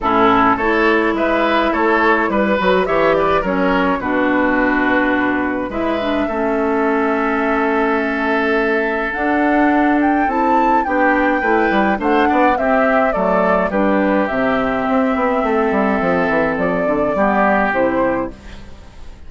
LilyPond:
<<
  \new Staff \with { instrumentName = "flute" } { \time 4/4 \tempo 4 = 105 a'4 cis''4 e''4 cis''4 | b'4 e''8 d''8 cis''4 b'4~ | b'2 e''2~ | e''1 |
fis''4. g''8 a''4 g''4~ | g''4 fis''4 e''4 d''4 | b'4 e''2.~ | e''4 d''2 c''4 | }
  \new Staff \with { instrumentName = "oboe" } { \time 4/4 e'4 a'4 b'4 a'4 | b'4 cis''8 b'8 ais'4 fis'4~ | fis'2 b'4 a'4~ | a'1~ |
a'2. g'4 | b'4 c''8 d''8 g'4 a'4 | g'2. a'4~ | a'2 g'2 | }
  \new Staff \with { instrumentName = "clarinet" } { \time 4/4 cis'4 e'2.~ | e'8 fis'8 g'4 cis'4 d'4~ | d'2 e'8 d'8 cis'4~ | cis'1 |
d'2 e'4 d'4 | e'4 d'4 c'4 a4 | d'4 c'2.~ | c'2 b4 e'4 | }
  \new Staff \with { instrumentName = "bassoon" } { \time 4/4 a,4 a4 gis4 a4 | g8 fis8 e4 fis4 b,4~ | b,2 gis4 a4~ | a1 |
d'2 c'4 b4 | a8 g8 a8 b8 c'4 fis4 | g4 c4 c'8 b8 a8 g8 | f8 e8 f8 d8 g4 c4 | }
>>